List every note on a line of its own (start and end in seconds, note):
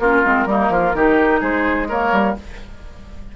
0.00 0.23 A#3
0.00 0.24 C#4
0.00 0.48 F4
0.00 1.42 A#4
0.24 0.46 G#3
0.24 0.48 C4
0.46 0.70 G3
0.46 0.96 A#3
0.46 0.73 D#4
0.70 0.93 F3
0.70 0.96 F4
0.95 1.42 D#3
0.95 1.89 D#4
0.95 1.41 G4
1.41 2.12 G#3
1.41 1.88 G#4
1.41 1.89 C5
1.89 2.36 A#3
1.89 2.36 A#4
1.89 2.37 C#5
2.12 2.36 G3